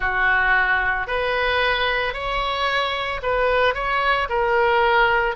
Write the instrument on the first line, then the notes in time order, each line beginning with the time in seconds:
oboe
0.00 F#4
1.07 B4
2.13 C#5
3.22 B4
3.74 C#5
4.29 A#4